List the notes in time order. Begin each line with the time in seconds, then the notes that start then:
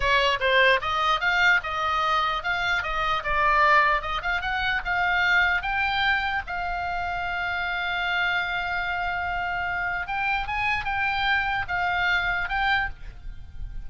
0.00 C#5
0.39 C5
0.81 D#5
1.20 F5
1.63 D#5
2.43 F5
2.83 D#5
3.23 D5
4.01 D#5
4.22 F5
4.41 F#5
4.84 F5
5.61 G5
6.46 F5
10.07 G5
10.47 G#5
10.84 G5
11.68 F5
12.48 G5